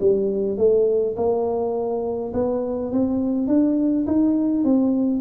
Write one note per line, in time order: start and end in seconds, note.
0.00 0.57 G3
0.57 1.15 A3
1.16 2.32 A#3
2.33 2.91 B3
2.91 3.47 C4
3.47 4.05 D4
4.06 4.64 D#4
4.64 5.21 C4